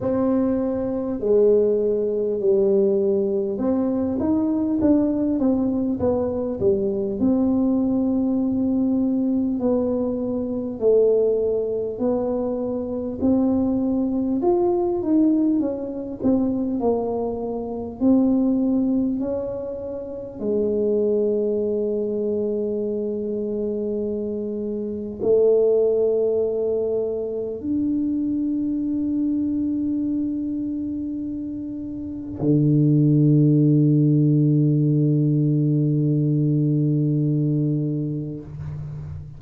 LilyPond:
\new Staff \with { instrumentName = "tuba" } { \time 4/4 \tempo 4 = 50 c'4 gis4 g4 c'8 dis'8 | d'8 c'8 b8 g8 c'2 | b4 a4 b4 c'4 | f'8 dis'8 cis'8 c'8 ais4 c'4 |
cis'4 gis2.~ | gis4 a2 d'4~ | d'2. d4~ | d1 | }